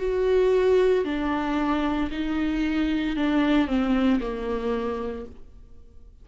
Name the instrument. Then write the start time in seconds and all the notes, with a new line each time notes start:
viola
0.00 F#4
1.05 D4
2.11 D#4
3.17 D4
3.68 C4
4.21 A#3